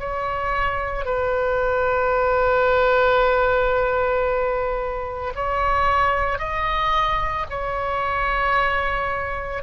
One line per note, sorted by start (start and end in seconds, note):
0.00 1.06 C#5
1.06 5.34 B4
5.36 6.39 C#5
6.39 7.46 D#5
7.50 9.63 C#5